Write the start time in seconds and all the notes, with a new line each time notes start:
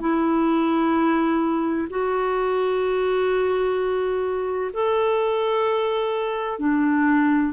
0.00 E4
1.90 F#4
4.73 A4
6.59 D4